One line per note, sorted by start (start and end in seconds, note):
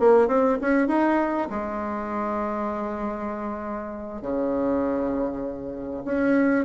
0.00 0.28 A#3
0.28 0.58 C4
0.62 0.88 C#4
0.88 1.49 D#4
1.50 4.22 G#3
4.22 6.04 C#3
6.06 6.66 C#4